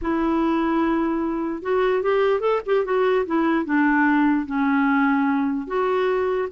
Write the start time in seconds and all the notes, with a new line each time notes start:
0.01 E4
1.62 F#4
2.02 G4
2.40 A4
2.66 G4
2.85 F#4
3.26 E4
3.65 D4
4.46 C#4
5.67 F#4